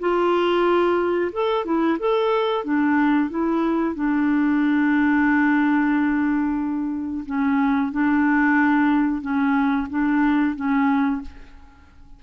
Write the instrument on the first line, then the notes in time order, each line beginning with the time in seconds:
clarinet
0.00 F4
1.32 A4
1.65 E4
1.99 A4
2.64 D4
3.30 E4
3.95 D4
7.26 C#4
7.92 D4
9.22 C#4
9.90 D4
10.56 C#4